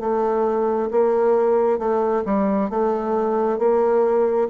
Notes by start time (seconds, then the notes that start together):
0.00 A3
0.91 A#3
1.79 A3
2.25 G3
2.70 A3
3.59 A#3